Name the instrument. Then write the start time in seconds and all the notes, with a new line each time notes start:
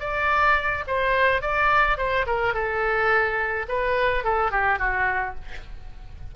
oboe
0.00 D5
0.87 C5
1.41 D5
1.98 C5
2.26 A#4
2.54 A4
3.68 B4
4.24 A4
4.51 G4
4.79 F#4